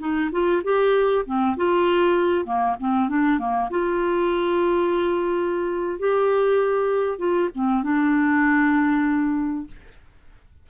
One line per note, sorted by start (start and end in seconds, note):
0.00 0.31 D#4
0.32 0.63 F4
0.64 1.26 G4
1.26 1.57 C4
1.57 2.46 F4
2.46 2.76 A#3
2.81 3.09 C4
3.09 3.40 D4
3.40 3.70 A#3
3.71 6.00 F4
6.00 7.19 G4
7.19 7.50 F4
7.55 7.84 C4
7.84 9.67 D4